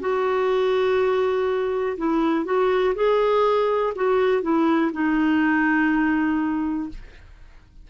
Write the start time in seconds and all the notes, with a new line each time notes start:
0.00 F#4
1.97 E4
2.45 F#4
2.95 G#4
3.95 F#4
4.42 E4
4.92 D#4